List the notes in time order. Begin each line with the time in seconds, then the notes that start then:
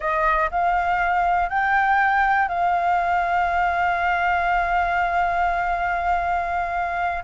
0.00 D#5
0.50 F5
1.49 G5
2.48 F5